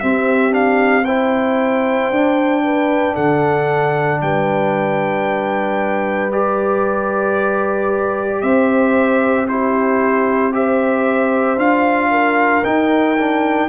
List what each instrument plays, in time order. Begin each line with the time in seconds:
0.00 trombone C4, tuba C4, horn G4, trumpet E5
0.50 trombone D4, trumpet F5
1.05 trombone E4, horn C5, trumpet G5
2.11 tuba D4, trombone D4
2.64 horn B4
3.14 tuba D3, horn A4, trumpet F#5
4.21 tuba G3, horn B4, trumpet G5
6.32 trombone G4, trumpet D5
8.42 tuba C4, horn C5, trumpet E5
9.48 trombone E4, horn G4, trumpet C5
10.52 trombone G4, horn C5, trumpet E5
11.57 tuba D4, trombone F4, trumpet F5
12.11 horn A#4
12.64 trombone D#4, tuba D#4, trumpet G5
13.17 trombone D4